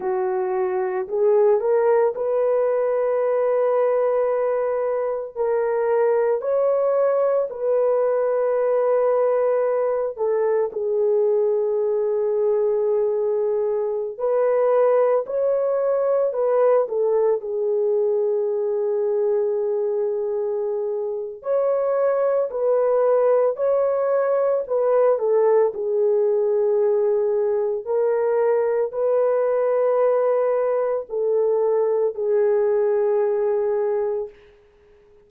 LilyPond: \new Staff \with { instrumentName = "horn" } { \time 4/4 \tempo 4 = 56 fis'4 gis'8 ais'8 b'2~ | b'4 ais'4 cis''4 b'4~ | b'4. a'8 gis'2~ | gis'4~ gis'16 b'4 cis''4 b'8 a'16~ |
a'16 gis'2.~ gis'8. | cis''4 b'4 cis''4 b'8 a'8 | gis'2 ais'4 b'4~ | b'4 a'4 gis'2 | }